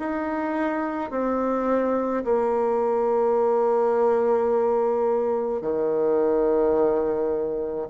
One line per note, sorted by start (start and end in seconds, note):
0.00 1.11 D#4
1.11 2.24 C4
2.24 5.62 A#3
5.62 7.88 D#3